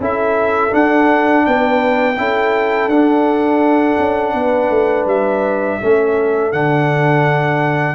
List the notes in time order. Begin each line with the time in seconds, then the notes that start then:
0.00 C#4 E4 A4 E5
0.70 D4 F#5
1.46 B3 B4 G5
2.17 C#4 E4 A4
2.87 D4 F#5
2.93 D4
3.99 C#4
4.34 B3 B4
4.70 A3
5.06 G3 E5
5.80 A3 C#4 A4
6.52 D3 D4 F#5